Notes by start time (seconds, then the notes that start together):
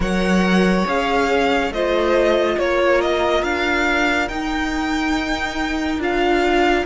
0.00 F#3 A#4 C#5 F#5
0.85 C#4 G#4 F5
1.70 A3 F4 C5 D#5
2.58 A#3 A#4 C#5
3.01 D#5
3.43 D4 F5
4.28 D#4 G5
5.98 D4 F4 F5